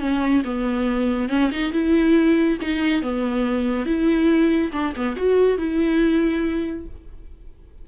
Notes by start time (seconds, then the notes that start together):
0.00 C#4
0.45 B3
1.29 C#4
1.52 D#4
1.72 E4
2.61 D#4
3.03 B3
3.86 E4
4.72 D4
4.96 B3
5.16 F#4
5.58 E4